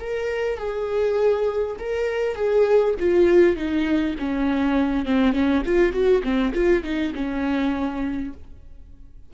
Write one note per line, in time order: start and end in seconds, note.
0.00 0.58 A#4
0.58 1.76 G#4
1.79 2.35 A#4
2.35 2.95 G#4
2.99 3.56 F4
3.56 4.15 D#4
4.19 5.05 C#4
5.05 5.33 C4
5.33 5.62 C#4
5.65 5.92 F4
5.92 6.22 F#4
6.23 6.53 C4
6.54 6.83 F4
6.83 7.13 D#4
7.14 8.33 C#4